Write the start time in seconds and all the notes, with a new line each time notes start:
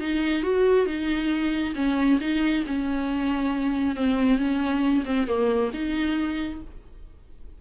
0.00 D#4
0.43 F#4
0.86 D#4
1.75 C#4
2.20 D#4
2.66 C#4
3.96 C4
4.38 C#4
5.05 C4
5.27 A#3
5.73 D#4